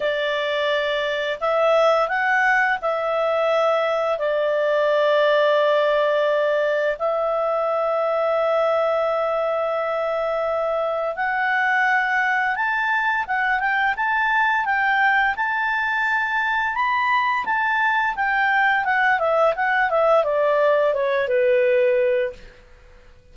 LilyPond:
\new Staff \with { instrumentName = "clarinet" } { \time 4/4 \tempo 4 = 86 d''2 e''4 fis''4 | e''2 d''2~ | d''2 e''2~ | e''1 |
fis''2 a''4 fis''8 g''8 | a''4 g''4 a''2 | b''4 a''4 g''4 fis''8 e''8 | fis''8 e''8 d''4 cis''8 b'4. | }